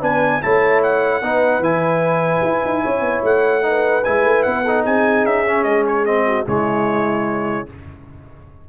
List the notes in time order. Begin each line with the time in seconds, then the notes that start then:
0.00 B3 D4 B4 G#5
0.42 A3 E4 C#5 A5
0.83 F#5
1.22 B3 D#4 B4
1.59 E3 E4 G#5
2.43 E4
2.65 D#4
2.83 C#4 C#5
3.01 B3
3.23 A3 F#5
3.62 D#4 B4
4.04 G#3 E4 G#5
4.25 A3
4.43 B3 F#5
4.64 D#4 A4
4.83 C4 G#4 G#5
5.24 C#4 E5
5.46 C#4
5.64 G#3 D#5
5.87 C#5
6.05 C4 D#5
6.27 F#4
6.46 C#3 G#3 E4 C#5